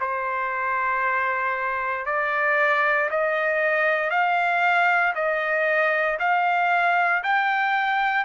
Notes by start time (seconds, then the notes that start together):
0.00 C5
2.05 D5
3.10 D#5
4.10 F5
5.14 D#5
6.19 F5
7.23 G5